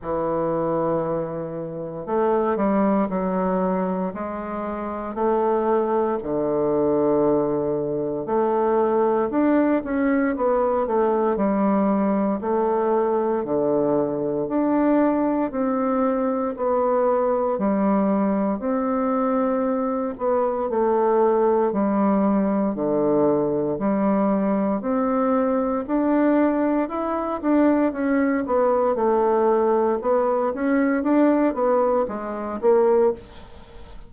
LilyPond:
\new Staff \with { instrumentName = "bassoon" } { \time 4/4 \tempo 4 = 58 e2 a8 g8 fis4 | gis4 a4 d2 | a4 d'8 cis'8 b8 a8 g4 | a4 d4 d'4 c'4 |
b4 g4 c'4. b8 | a4 g4 d4 g4 | c'4 d'4 e'8 d'8 cis'8 b8 | a4 b8 cis'8 d'8 b8 gis8 ais8 | }